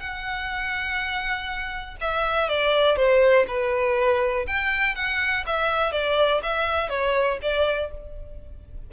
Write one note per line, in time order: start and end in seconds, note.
0.00 1.97 F#5
2.01 2.49 E5
2.49 2.97 D5
2.97 3.46 C5
3.48 4.46 B4
4.48 4.95 G5
4.95 5.45 F#5
5.47 5.92 E5
5.92 6.42 D5
6.43 6.89 E5
6.89 7.39 C#5
7.42 7.91 D5